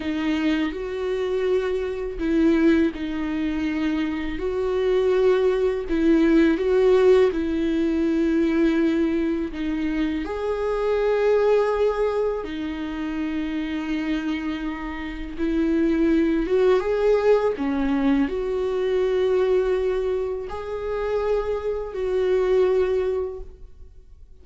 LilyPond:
\new Staff \with { instrumentName = "viola" } { \time 4/4 \tempo 4 = 82 dis'4 fis'2 e'4 | dis'2 fis'2 | e'4 fis'4 e'2~ | e'4 dis'4 gis'2~ |
gis'4 dis'2.~ | dis'4 e'4. fis'8 gis'4 | cis'4 fis'2. | gis'2 fis'2 | }